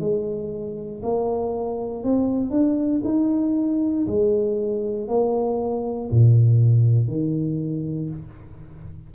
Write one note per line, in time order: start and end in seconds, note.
0.00 1.02 G#3
1.03 2.04 A#3
2.04 2.51 C4
2.51 3.02 D4
3.05 4.07 D#4
4.07 5.08 G#3
5.08 6.10 A#3
6.11 7.08 A#2
7.08 8.10 D#3